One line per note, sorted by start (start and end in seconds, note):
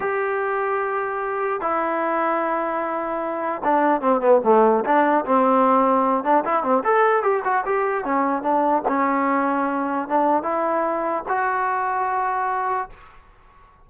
0.00 1.60 G4
1.60 3.62 E4
3.64 4.01 D4
4.01 4.20 C4
4.20 4.40 B3
4.44 4.84 A3
4.84 5.25 D4
5.25 6.24 C4
6.24 6.44 D4
6.44 6.63 E4
6.63 6.83 C4
6.84 7.22 A4
7.22 7.43 G4
7.44 7.64 F#4
7.65 8.04 G4
8.04 8.42 C#4
8.42 8.82 D4
8.87 10.08 C#4
10.08 10.43 D4
10.43 11.23 E4
11.28 12.89 F#4